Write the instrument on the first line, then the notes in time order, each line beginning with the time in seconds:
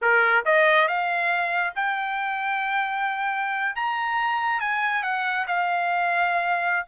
trumpet
0.01 A#4
0.45 D#5
0.87 F5
1.75 G5
3.75 A#5
4.60 G#5
5.03 F#5
5.47 F5